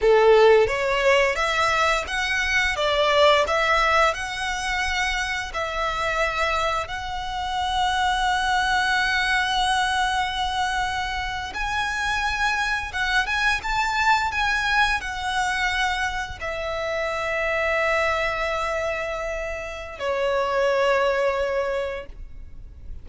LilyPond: \new Staff \with { instrumentName = "violin" } { \time 4/4 \tempo 4 = 87 a'4 cis''4 e''4 fis''4 | d''4 e''4 fis''2 | e''2 fis''2~ | fis''1~ |
fis''8. gis''2 fis''8 gis''8 a''16~ | a''8. gis''4 fis''2 e''16~ | e''1~ | e''4 cis''2. | }